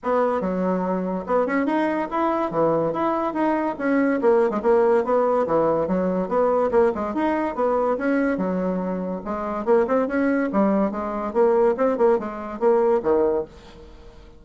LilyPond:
\new Staff \with { instrumentName = "bassoon" } { \time 4/4 \tempo 4 = 143 b4 fis2 b8 cis'8 | dis'4 e'4 e4 e'4 | dis'4 cis'4 ais8. gis16 ais4 | b4 e4 fis4 b4 |
ais8 gis8 dis'4 b4 cis'4 | fis2 gis4 ais8 c'8 | cis'4 g4 gis4 ais4 | c'8 ais8 gis4 ais4 dis4 | }